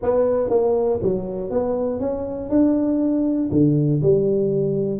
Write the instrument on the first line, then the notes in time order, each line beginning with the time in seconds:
tuba
0.02 B3
0.49 A#3
1.02 F#3
1.50 B3
2.00 C#4
2.49 D4
3.51 D3
4.02 G3